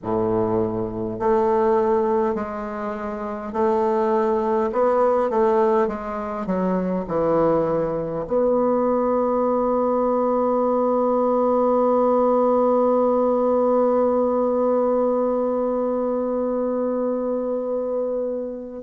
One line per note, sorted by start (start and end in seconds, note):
0.02 1.19 A2
1.19 2.35 A3
2.35 3.52 G#3
3.52 4.70 A3
4.72 5.29 B3
5.29 5.87 A3
5.87 6.46 G#3
6.46 7.05 F#3
7.07 8.25 E3
8.27 18.82 B3